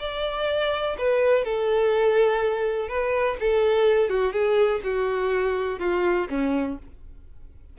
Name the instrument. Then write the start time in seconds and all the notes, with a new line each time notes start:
violin
0.00 D5
0.99 B4
1.45 A4
2.89 B4
3.40 A4
4.10 F#4
4.33 G#4
4.84 F#4
5.80 F4
6.30 C#4